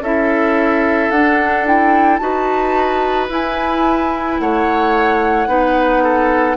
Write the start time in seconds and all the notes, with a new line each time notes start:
0.00 C#4 E4 A4 E5
1.10 D4 F#5
1.66 E4 G5
2.17 D#4 F#4 B4 A5
3.29 E4 G#5
4.39 A3 C#5 F#5
5.47 B3 D#4 B4
6.03 A4